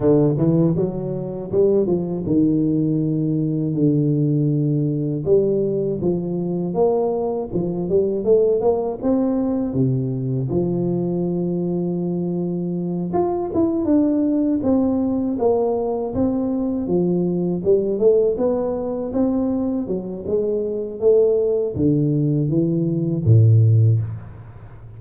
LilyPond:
\new Staff \with { instrumentName = "tuba" } { \time 4/4 \tempo 4 = 80 d8 e8 fis4 g8 f8 dis4~ | dis4 d2 g4 | f4 ais4 f8 g8 a8 ais8 | c'4 c4 f2~ |
f4. f'8 e'8 d'4 c'8~ | c'8 ais4 c'4 f4 g8 | a8 b4 c'4 fis8 gis4 | a4 d4 e4 a,4 | }